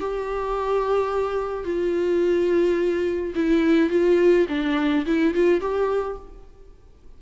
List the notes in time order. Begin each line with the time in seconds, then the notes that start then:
0.00 G4
1.64 F4
3.35 E4
3.90 F4
4.49 D4
5.06 E4
5.34 F4
5.61 G4